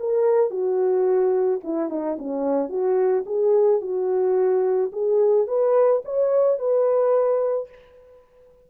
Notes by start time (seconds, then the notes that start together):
0.00 A#4
0.51 F#4
1.64 E4
1.90 D#4
2.18 C#4
2.69 F#4
3.26 G#4
3.82 F#4
4.93 G#4
5.48 B4
6.05 C#5
6.59 B4